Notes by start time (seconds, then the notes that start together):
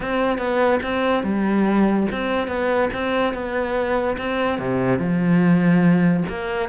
0.00 C4
0.37 B3
0.83 C4
1.23 G3
2.11 C4
2.47 B3
2.93 C4
3.33 B3
4.17 C4
4.58 C3
4.98 F3
6.28 A#3